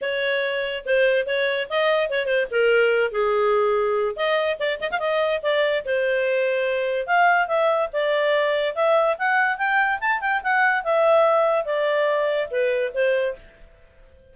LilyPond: \new Staff \with { instrumentName = "clarinet" } { \time 4/4 \tempo 4 = 144 cis''2 c''4 cis''4 | dis''4 cis''8 c''8 ais'4. gis'8~ | gis'2 dis''4 d''8 dis''16 f''16 | dis''4 d''4 c''2~ |
c''4 f''4 e''4 d''4~ | d''4 e''4 fis''4 g''4 | a''8 g''8 fis''4 e''2 | d''2 b'4 c''4 | }